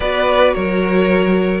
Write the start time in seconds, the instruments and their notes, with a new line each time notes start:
0.00 cello B3, viola F#4, violin B4 D5
0.54 cello F#3, violin A#4 C#5